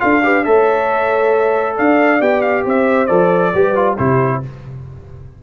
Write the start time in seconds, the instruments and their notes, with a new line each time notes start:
0.00 tuba D4, trombone F4, horn A4, trumpet F5
0.24 trombone G4, horn B4
0.44 tuba A3, trombone A4, horn C#5, trumpet E5
1.77 tuba D4, horn D5, trumpet F5
2.21 tuba B3, trombone G4, trumpet G5
2.42 trumpet F5
2.65 tuba C4, horn C5, trumpet E5
3.07 tuba F3, trombone A4, trumpet D5
3.54 tuba G3, trombone G4, horn B4
3.75 trombone F4
3.97 tuba C3, trombone E4, horn G4, trumpet C5